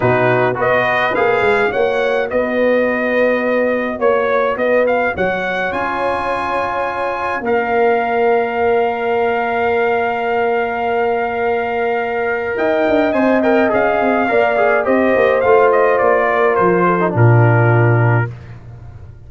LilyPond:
<<
  \new Staff \with { instrumentName = "trumpet" } { \time 4/4 \tempo 4 = 105 b'4 dis''4 f''4 fis''4 | dis''2. cis''4 | dis''8 f''8 fis''4 gis''2~ | gis''4 f''2.~ |
f''1~ | f''2 g''4 gis''8 g''8 | f''2 dis''4 f''8 dis''8 | d''4 c''4 ais'2 | }
  \new Staff \with { instrumentName = "horn" } { \time 4/4 fis'4 b'2 cis''4 | b'2. cis''4 | b'4 cis''2.~ | cis''4 d''2.~ |
d''1~ | d''2 dis''2~ | dis''4 d''4 c''2~ | c''8 ais'4 a'8 f'2 | }
  \new Staff \with { instrumentName = "trombone" } { \time 4/4 dis'4 fis'4 gis'4 fis'4~ | fis'1~ | fis'2 f'2~ | f'4 ais'2.~ |
ais'1~ | ais'2. c''8 ais'8 | gis'4 ais'8 gis'8 g'4 f'4~ | f'4.~ f'16 dis'16 d'2 | }
  \new Staff \with { instrumentName = "tuba" } { \time 4/4 b,4 b4 ais8 gis8 ais4 | b2. ais4 | b4 fis4 cis'2~ | cis'4 ais2.~ |
ais1~ | ais2 dis'8 d'8 c'4 | cis'8 c'8 ais4 c'8 ais8 a4 | ais4 f4 ais,2 | }
>>